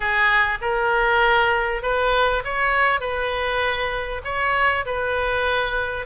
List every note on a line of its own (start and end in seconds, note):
0.00 0.58 G#4
0.61 1.82 A#4
1.82 2.43 B4
2.44 3.00 C#5
3.00 4.21 B4
4.24 4.85 C#5
4.85 6.06 B4